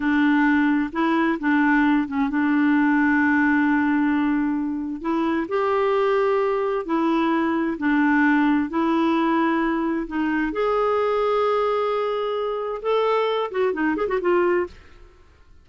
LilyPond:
\new Staff \with { instrumentName = "clarinet" } { \time 4/4 \tempo 4 = 131 d'2 e'4 d'4~ | d'8 cis'8 d'2.~ | d'2. e'4 | g'2. e'4~ |
e'4 d'2 e'4~ | e'2 dis'4 gis'4~ | gis'1 | a'4. fis'8 dis'8 gis'16 fis'16 f'4 | }